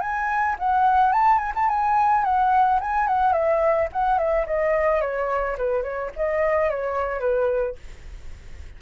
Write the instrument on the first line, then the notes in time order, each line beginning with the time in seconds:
flute
0.00 G#5
0.59 F#5
1.12 A5
1.38 G#5
1.55 A5
1.68 G#5
2.24 F#5
2.80 G#5
3.07 F#5
3.32 E5
3.92 F#5
4.18 E5
4.46 D#5
5.01 C#5
5.57 B4
5.82 C#5
6.16 D#5
6.69 C#5
7.19 B4